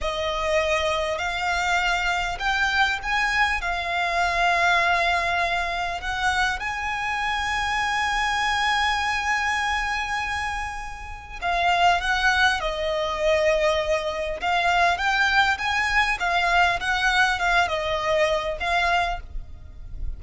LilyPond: \new Staff \with { instrumentName = "violin" } { \time 4/4 \tempo 4 = 100 dis''2 f''2 | g''4 gis''4 f''2~ | f''2 fis''4 gis''4~ | gis''1~ |
gis''2. f''4 | fis''4 dis''2. | f''4 g''4 gis''4 f''4 | fis''4 f''8 dis''4. f''4 | }